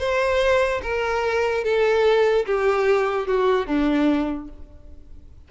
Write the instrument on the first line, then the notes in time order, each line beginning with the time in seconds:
violin
0.00 C5
0.83 A#4
1.64 A4
2.46 G4
3.27 F#4
3.67 D4